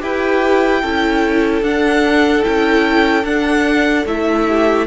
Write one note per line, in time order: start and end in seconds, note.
0.00 0.83 E4
0.00 0.81 G4
0.00 0.81 B4
0.00 1.63 G5
0.81 1.61 C#4
0.81 1.63 E4
0.81 4.46 A4
1.61 2.43 D4
1.61 2.42 D4
1.61 2.44 F#5
2.42 3.24 C#4
2.42 3.23 E4
2.42 3.25 G5
3.24 4.05 D4
3.24 4.06 F#5
4.06 4.86 A3
4.06 4.86 E4
4.06 4.86 E5
4.48 4.86 G4